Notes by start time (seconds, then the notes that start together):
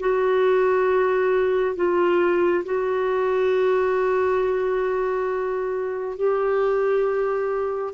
0.00 F#4
1.76 F4
2.66 F#4
6.18 G4